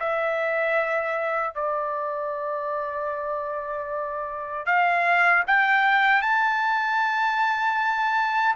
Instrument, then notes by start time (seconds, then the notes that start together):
trumpet
0.00 E5
1.55 D5
4.66 F5
5.48 G5
6.22 A5